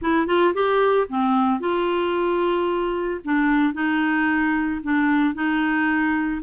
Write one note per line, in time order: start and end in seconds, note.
0.01 0.26 E4
0.26 0.53 F4
0.54 1.07 G4
1.08 1.59 C4
1.59 3.20 F4
3.24 3.73 D4
3.73 4.80 D#4
4.83 5.34 D4
5.34 6.41 D#4